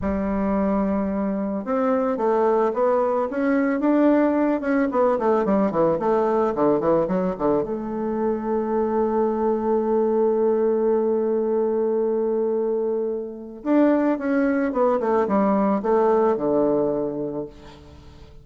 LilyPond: \new Staff \with { instrumentName = "bassoon" } { \time 4/4 \tempo 4 = 110 g2. c'4 | a4 b4 cis'4 d'4~ | d'8 cis'8 b8 a8 g8 e8 a4 | d8 e8 fis8 d8 a2~ |
a1~ | a1~ | a4 d'4 cis'4 b8 a8 | g4 a4 d2 | }